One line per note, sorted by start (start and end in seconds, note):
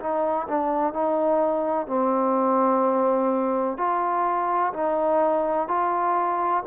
0.00 0.48 D#4
0.49 0.94 D4
0.94 1.87 D#4
1.87 3.77 C4
3.78 4.73 F4
4.74 5.68 D#4
5.68 6.63 F4